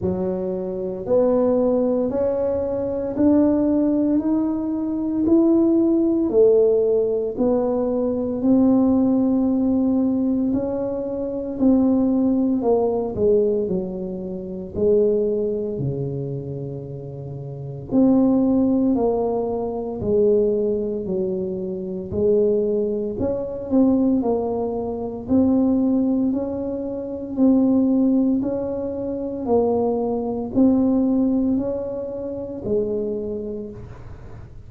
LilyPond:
\new Staff \with { instrumentName = "tuba" } { \time 4/4 \tempo 4 = 57 fis4 b4 cis'4 d'4 | dis'4 e'4 a4 b4 | c'2 cis'4 c'4 | ais8 gis8 fis4 gis4 cis4~ |
cis4 c'4 ais4 gis4 | fis4 gis4 cis'8 c'8 ais4 | c'4 cis'4 c'4 cis'4 | ais4 c'4 cis'4 gis4 | }